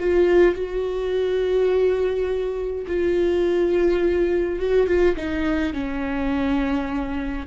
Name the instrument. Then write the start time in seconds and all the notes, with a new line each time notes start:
viola
0.00 F4
0.55 F#4
2.87 F4
4.59 F#4
4.87 F4
5.16 D#4
5.74 C#4